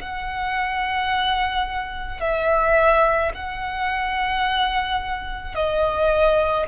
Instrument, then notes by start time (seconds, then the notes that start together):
violin
0.00 F#5
2.20 E5
3.34 F#5
5.56 D#5